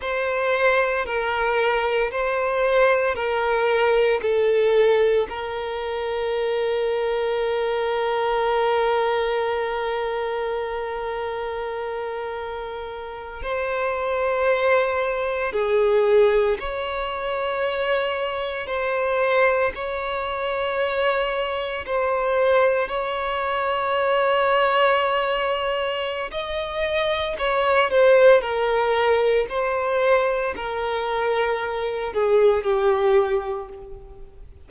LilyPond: \new Staff \with { instrumentName = "violin" } { \time 4/4 \tempo 4 = 57 c''4 ais'4 c''4 ais'4 | a'4 ais'2.~ | ais'1~ | ais'8. c''2 gis'4 cis''16~ |
cis''4.~ cis''16 c''4 cis''4~ cis''16~ | cis''8. c''4 cis''2~ cis''16~ | cis''4 dis''4 cis''8 c''8 ais'4 | c''4 ais'4. gis'8 g'4 | }